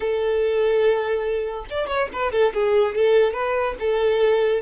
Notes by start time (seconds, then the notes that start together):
0.00 A4
1.70 D5
1.87 C#5
2.13 B4
2.32 A4
2.53 G#4
2.95 A4
3.33 B4
3.79 A4